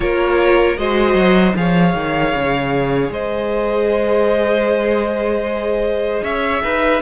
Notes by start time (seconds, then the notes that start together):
0.00 A#3 F4 A#4 C#5
0.76 G#3 F#4 C5 D#5
1.14 F#3
1.55 F3 G#4 C#5 F5
1.94 D#3
2.35 C#3
3.09 G#3 C5 D#5
6.23 C#4 C#5 E5
6.63 D#4 B4